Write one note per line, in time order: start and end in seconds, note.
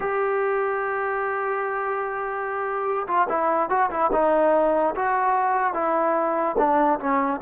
0.00 3.06 G4
3.07 3.27 F4
3.28 3.69 E4
3.69 3.90 F#4
3.90 4.11 E4
4.12 4.94 D#4
4.95 5.73 F#4
5.73 6.55 E4
6.58 6.99 D4
6.99 7.40 C#4